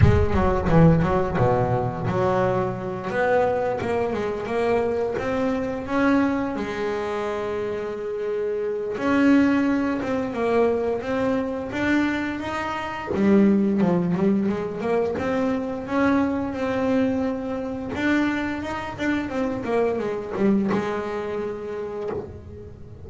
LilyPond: \new Staff \with { instrumentName = "double bass" } { \time 4/4 \tempo 4 = 87 gis8 fis8 e8 fis8 b,4 fis4~ | fis8 b4 ais8 gis8 ais4 c'8~ | c'8 cis'4 gis2~ gis8~ | gis4 cis'4. c'8 ais4 |
c'4 d'4 dis'4 g4 | f8 g8 gis8 ais8 c'4 cis'4 | c'2 d'4 dis'8 d'8 | c'8 ais8 gis8 g8 gis2 | }